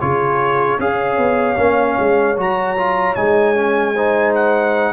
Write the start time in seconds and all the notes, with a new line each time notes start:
0.00 C#3 F4 G#4 C#5
0.78 C#4 G#4 C#5 F5
1.17 B3
1.57 A#3 C#4
1.99 G#3
2.37 F#3 F#4 A#5
2.77 F4
3.15 G#3 D#4 G#5
3.55 C#4
3.94 D#4 C5
4.34 F#5